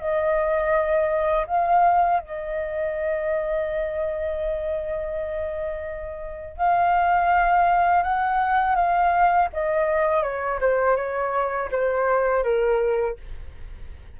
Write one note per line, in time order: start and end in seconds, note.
0.00 1.46 D#5
1.47 2.20 F5
2.20 6.57 D#5
6.57 8.03 F5
8.03 8.76 F#5
8.76 9.49 F5
9.53 10.23 D#5
10.23 10.59 C#5
10.61 10.96 C5
10.96 11.69 C#5
11.72 12.44 C5
12.44 13.17 A#4